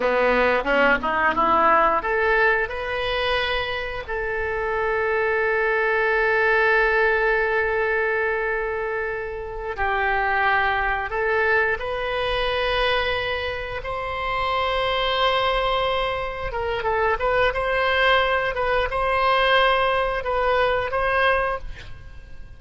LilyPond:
\new Staff \with { instrumentName = "oboe" } { \time 4/4 \tempo 4 = 89 b4 cis'8 dis'8 e'4 a'4 | b'2 a'2~ | a'1~ | a'2~ a'8 g'4.~ |
g'8 a'4 b'2~ b'8~ | b'8 c''2.~ c''8~ | c''8 ais'8 a'8 b'8 c''4. b'8 | c''2 b'4 c''4 | }